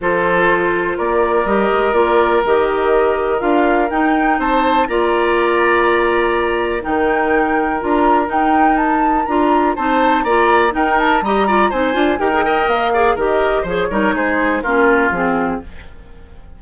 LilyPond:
<<
  \new Staff \with { instrumentName = "flute" } { \time 4/4 \tempo 4 = 123 c''2 d''4 dis''4 | d''4 dis''2 f''4 | g''4 a''4 ais''2~ | ais''2 g''2 |
ais''4 g''4 a''4 ais''4 | a''4 ais''4 g''8 a''8 ais''4 | gis''4 g''4 f''4 dis''4 | cis''4 c''4 ais'4 gis'4 | }
  \new Staff \with { instrumentName = "oboe" } { \time 4/4 a'2 ais'2~ | ais'1~ | ais'4 c''4 d''2~ | d''2 ais'2~ |
ais'1 | c''4 d''4 ais'4 dis''8 d''8 | c''4 ais'8 dis''4 d''8 ais'4 | c''8 ais'8 gis'4 f'2 | }
  \new Staff \with { instrumentName = "clarinet" } { \time 4/4 f'2. g'4 | f'4 g'2 f'4 | dis'2 f'2~ | f'2 dis'2 |
f'4 dis'2 f'4 | dis'4 f'4 dis'4 g'8 f'8 | dis'8 f'8 g'16 gis'16 ais'4 gis'8 g'4 | gis'8 dis'4. cis'4 c'4 | }
  \new Staff \with { instrumentName = "bassoon" } { \time 4/4 f2 ais4 g8 gis8 | ais4 dis2 d'4 | dis'4 c'4 ais2~ | ais2 dis2 |
d'4 dis'2 d'4 | c'4 ais4 dis'4 g4 | c'8 d'8 dis'4 ais4 dis4 | f8 g8 gis4 ais4 f4 | }
>>